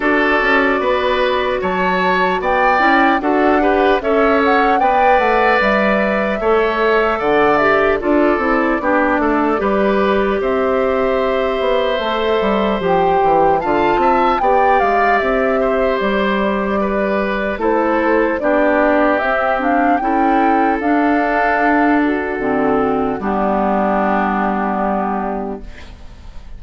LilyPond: <<
  \new Staff \with { instrumentName = "flute" } { \time 4/4 \tempo 4 = 75 d''2 a''4 g''4 | fis''4 e''8 fis''8 g''8 fis''8 e''4~ | e''4 fis''8 e''8 d''2~ | d''4 e''2. |
g''4 a''4 g''8 f''8 e''4 | d''2 c''4 d''4 | e''8 f''8 g''4 f''4. fis'8~ | fis'4 g'2. | }
  \new Staff \with { instrumentName = "oboe" } { \time 4/4 a'4 b'4 cis''4 d''4 | a'8 b'8 cis''4 d''2 | cis''4 d''4 a'4 g'8 a'8 | b'4 c''2.~ |
c''4 f''8 e''8 d''4. c''8~ | c''4 b'4 a'4 g'4~ | g'4 a'2.~ | a'4 d'2. | }
  \new Staff \with { instrumentName = "clarinet" } { \time 4/4 fis'2.~ fis'8 e'8 | fis'8 g'8 a'4 b'2 | a'4. g'8 f'8 e'8 d'4 | g'2. a'4 |
g'4 f'4 g'2~ | g'2 e'4 d'4 | c'8 d'8 e'4 d'2 | c'4 b2. | }
  \new Staff \with { instrumentName = "bassoon" } { \time 4/4 d'8 cis'8 b4 fis4 b8 cis'8 | d'4 cis'4 b8 a8 g4 | a4 d4 d'8 c'8 b8 a8 | g4 c'4. b8 a8 g8 |
f8 e8 d8 c'8 b8 gis8 c'4 | g2 a4 b4 | c'4 cis'4 d'2 | d4 g2. | }
>>